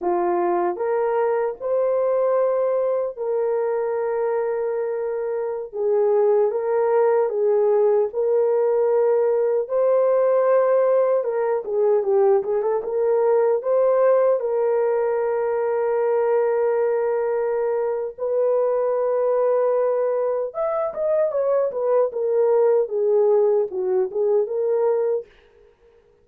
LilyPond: \new Staff \with { instrumentName = "horn" } { \time 4/4 \tempo 4 = 76 f'4 ais'4 c''2 | ais'2.~ ais'16 gis'8.~ | gis'16 ais'4 gis'4 ais'4.~ ais'16~ | ais'16 c''2 ais'8 gis'8 g'8 gis'16 |
a'16 ais'4 c''4 ais'4.~ ais'16~ | ais'2. b'4~ | b'2 e''8 dis''8 cis''8 b'8 | ais'4 gis'4 fis'8 gis'8 ais'4 | }